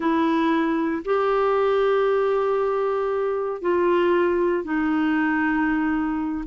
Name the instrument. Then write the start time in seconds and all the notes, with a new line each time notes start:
clarinet
0.00 E4
1.04 G4
3.61 F4
4.63 D#4